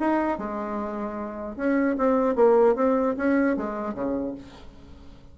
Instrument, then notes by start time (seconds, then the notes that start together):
bassoon
0.00 D#4
0.38 G#3
1.56 C#4
1.98 C4
2.35 A#3
2.75 C4
3.17 C#4
3.57 G#3
3.94 C#3